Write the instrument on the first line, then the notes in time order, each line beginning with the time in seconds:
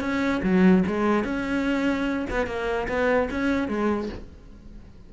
cello
0.00 C#4
0.43 F#3
0.87 G#3
1.24 C#4
2.30 B3
2.47 A#3
2.88 B3
3.30 C#4
3.68 G#3